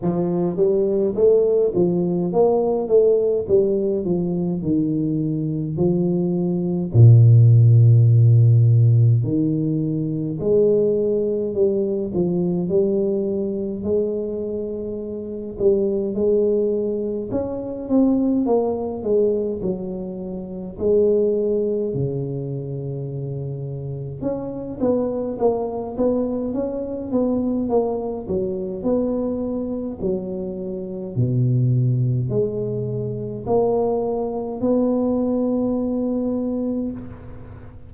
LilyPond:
\new Staff \with { instrumentName = "tuba" } { \time 4/4 \tempo 4 = 52 f8 g8 a8 f8 ais8 a8 g8 f8 | dis4 f4 ais,2 | dis4 gis4 g8 f8 g4 | gis4. g8 gis4 cis'8 c'8 |
ais8 gis8 fis4 gis4 cis4~ | cis4 cis'8 b8 ais8 b8 cis'8 b8 | ais8 fis8 b4 fis4 b,4 | gis4 ais4 b2 | }